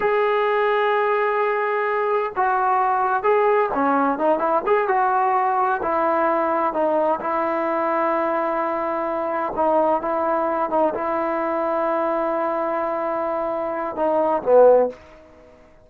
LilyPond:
\new Staff \with { instrumentName = "trombone" } { \time 4/4 \tempo 4 = 129 gis'1~ | gis'4 fis'2 gis'4 | cis'4 dis'8 e'8 gis'8 fis'4.~ | fis'8 e'2 dis'4 e'8~ |
e'1~ | e'8 dis'4 e'4. dis'8 e'8~ | e'1~ | e'2 dis'4 b4 | }